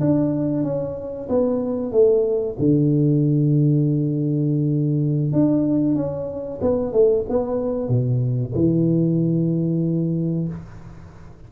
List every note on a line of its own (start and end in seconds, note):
0.00 0.63 D4
0.63 1.28 C#4
1.29 1.92 B3
1.92 2.56 A3
2.59 5.32 D3
5.32 5.95 D4
5.95 6.60 C#4
6.61 6.93 B3
6.93 7.25 A3
7.29 7.88 B3
7.88 8.53 B2
8.55 10.48 E3